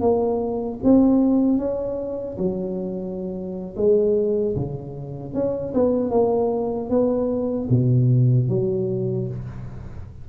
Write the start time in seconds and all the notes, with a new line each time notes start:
0.00 A#3
0.83 C4
1.58 C#4
2.37 F#3
3.76 G#3
4.55 C#3
5.34 C#4
5.73 B3
6.10 A#3
6.89 B3
7.69 B2
8.48 F#3